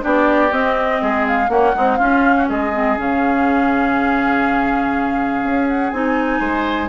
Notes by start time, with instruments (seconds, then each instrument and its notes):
0.00 bassoon B3, clarinet D4, oboe G4, flute D5
0.51 bassoon C4, clarinet C4, flute D#5
1.02 bassoon G#3, oboe G#4
1.27 flute F5
1.47 clarinet A#3, bassoon A#3, oboe C#4, flute F#5
1.73 clarinet G#3, bassoon C4, oboe D#4
1.96 clarinet C#4, bassoon C#4, oboe F4, flute F5
2.37 oboe F#4
2.48 bassoon G#3, oboe G#4, flute D#5
2.72 clarinet C4
2.96 bassoon C#3, clarinet C#4, flute F5
5.43 bassoon C#4
5.68 flute F#5
5.90 bassoon C4, clarinet D#4, flute G#5
6.39 bassoon G#3, oboe C5